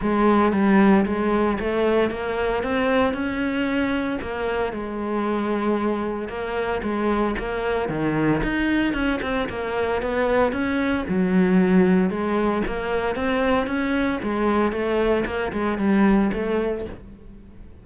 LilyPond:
\new Staff \with { instrumentName = "cello" } { \time 4/4 \tempo 4 = 114 gis4 g4 gis4 a4 | ais4 c'4 cis'2 | ais4 gis2. | ais4 gis4 ais4 dis4 |
dis'4 cis'8 c'8 ais4 b4 | cis'4 fis2 gis4 | ais4 c'4 cis'4 gis4 | a4 ais8 gis8 g4 a4 | }